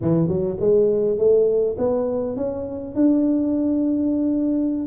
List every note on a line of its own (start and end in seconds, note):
0.01 0.28 E3
0.28 0.57 F#3
0.60 1.18 G#3
1.18 1.76 A3
1.78 2.36 B3
2.36 2.95 C#4
2.95 4.86 D4